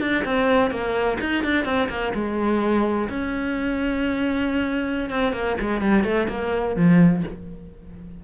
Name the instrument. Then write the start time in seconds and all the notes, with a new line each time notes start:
cello
0.00 D4
0.24 C4
0.70 A#3
1.20 D#4
1.43 D4
1.64 C4
1.89 A#3
2.14 G#3
3.09 C#4
5.10 C4
5.32 A#3
5.60 G#3
5.81 G3
6.03 A3
6.28 A#3
6.76 F3